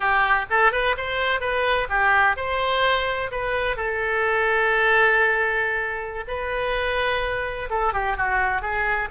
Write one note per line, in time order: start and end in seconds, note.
0.00 0.45 G4
0.50 0.72 A4
0.72 0.95 B4
0.97 1.40 C5
1.40 1.87 B4
1.89 2.36 G4
2.36 3.30 C5
3.31 3.76 B4
3.76 6.24 A4
6.27 7.69 B4
7.70 7.93 A4
7.93 8.16 G4
8.16 8.61 F#4
8.61 9.08 G#4